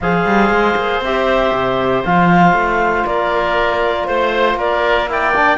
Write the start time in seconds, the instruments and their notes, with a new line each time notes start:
0.00 cello F3, trombone G#4, oboe C5, clarinet F5
0.25 cello G3
0.49 cello G#3
0.75 cello A#3
1.00 cello C4, trombone G4, clarinet E5
1.52 cello C3
2.04 cello F3, trombone F4, clarinet F5
2.52 cello A3
3.05 cello A#3, oboe A#4, clarinet D5
4.06 cello A3, clarinet C5, oboe C5
4.54 cello A#3, oboe A#4, clarinet D5
5.08 trombone E4, oboe D5, clarinet G5
5.35 trombone D4